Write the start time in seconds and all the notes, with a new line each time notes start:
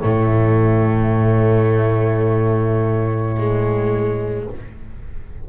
0.00 A2 A3 E4 C#5
3.38 G#3